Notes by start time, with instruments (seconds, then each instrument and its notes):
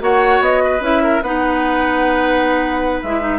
0.00 bassoon A#3, clarinet F#4, oboe C#5, flute F#5
0.41 bassoon B3, flute D#5
0.65 oboe B4
0.81 bassoon C#4, clarinet E4, flute E5
1.04 oboe A#4
1.23 bassoon B3, clarinet D#4, oboe B4, flute F#5
3.02 bassoon G#3, clarinet E4, flute E5
3.21 clarinet D#4